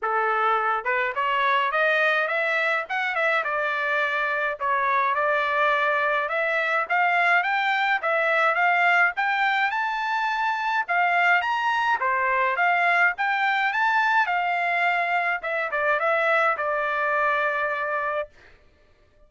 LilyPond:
\new Staff \with { instrumentName = "trumpet" } { \time 4/4 \tempo 4 = 105 a'4. b'8 cis''4 dis''4 | e''4 fis''8 e''8 d''2 | cis''4 d''2 e''4 | f''4 g''4 e''4 f''4 |
g''4 a''2 f''4 | ais''4 c''4 f''4 g''4 | a''4 f''2 e''8 d''8 | e''4 d''2. | }